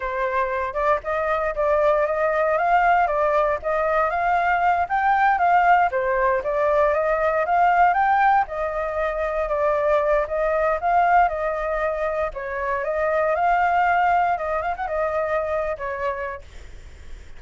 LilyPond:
\new Staff \with { instrumentName = "flute" } { \time 4/4 \tempo 4 = 117 c''4. d''8 dis''4 d''4 | dis''4 f''4 d''4 dis''4 | f''4. g''4 f''4 c''8~ | c''8 d''4 dis''4 f''4 g''8~ |
g''8 dis''2 d''4. | dis''4 f''4 dis''2 | cis''4 dis''4 f''2 | dis''8 f''16 fis''16 dis''4.~ dis''16 cis''4~ cis''16 | }